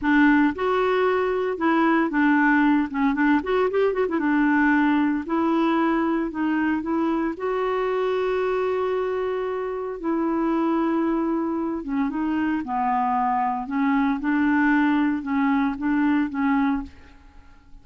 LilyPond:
\new Staff \with { instrumentName = "clarinet" } { \time 4/4 \tempo 4 = 114 d'4 fis'2 e'4 | d'4. cis'8 d'8 fis'8 g'8 fis'16 e'16 | d'2 e'2 | dis'4 e'4 fis'2~ |
fis'2. e'4~ | e'2~ e'8 cis'8 dis'4 | b2 cis'4 d'4~ | d'4 cis'4 d'4 cis'4 | }